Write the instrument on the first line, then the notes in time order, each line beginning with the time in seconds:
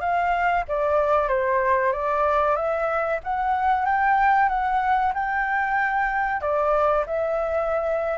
flute
0.00 F5
0.68 D5
1.28 C5
1.92 D5
2.56 E5
3.23 F#5
3.85 G5
4.49 F#5
5.14 G5
6.41 D5
7.06 E5